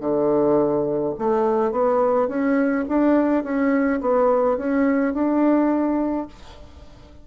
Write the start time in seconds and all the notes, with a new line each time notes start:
0.00 D3
1.18 A3
1.71 B3
2.28 C#4
2.89 D4
3.43 C#4
4.01 B3
4.57 C#4
5.14 D4